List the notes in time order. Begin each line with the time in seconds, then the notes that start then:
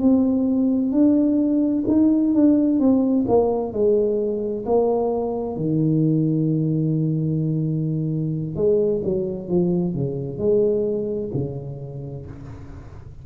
0.00 C4
0.92 D4
1.88 D#4
2.34 D4
2.79 C4
3.28 A#3
3.73 G#3
4.66 A#3
5.56 D#3
8.56 G#3
9.05 F#3
9.49 F3
9.95 C#3
10.38 G#3
11.34 C#3